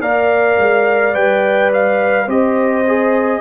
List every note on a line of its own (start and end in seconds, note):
0.00 0.57 A#3
0.00 1.13 A#4
0.00 2.27 D5
0.00 1.14 F5
0.58 1.14 G#3
1.13 2.27 G3
1.13 2.26 B4
1.13 1.71 G5
1.73 2.29 F5
2.27 3.40 C4
2.27 2.84 G4
2.27 3.40 C5
2.27 3.40 D#5
2.87 3.40 G#4